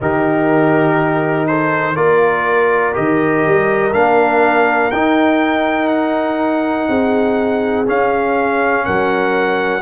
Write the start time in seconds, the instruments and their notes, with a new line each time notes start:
0.00 tuba D#3, trombone D#4, horn G4, trumpet A#4
1.47 horn A4, trumpet C5
1.95 tuba A#3, trombone F4, horn A#4, trumpet D5
2.93 tuba D#3, trombone G4, trumpet D#5
3.45 tuba G3
3.93 tuba A#3, trombone D4, trumpet F5
4.91 tuba D#4, trombone D#4, trumpet G5
5.87 trumpet F#5
6.88 tuba C4, horn G#4
7.85 trombone C#4, tuba C#4, trumpet F5
8.85 tuba F#3, horn A#4, trumpet F#5